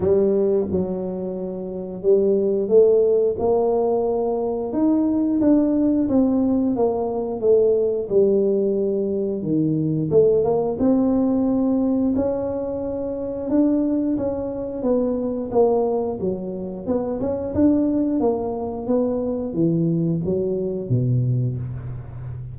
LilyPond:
\new Staff \with { instrumentName = "tuba" } { \time 4/4 \tempo 4 = 89 g4 fis2 g4 | a4 ais2 dis'4 | d'4 c'4 ais4 a4 | g2 dis4 a8 ais8 |
c'2 cis'2 | d'4 cis'4 b4 ais4 | fis4 b8 cis'8 d'4 ais4 | b4 e4 fis4 b,4 | }